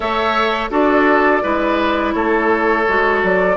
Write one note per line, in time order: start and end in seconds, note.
0.00 0.69 A3
0.00 0.70 A4
0.00 0.70 C#5
0.00 0.70 E5
0.70 1.42 D4
0.70 1.42 F#4
0.70 1.42 A4
0.70 2.13 D5
1.42 2.14 G#3
1.42 2.85 E4
1.42 2.14 B4
2.13 2.85 A3
2.13 3.57 A4
2.13 3.20 C#5
2.88 3.23 G#3
2.88 3.57 F#4
3.23 3.57 F#3
3.23 3.57 D5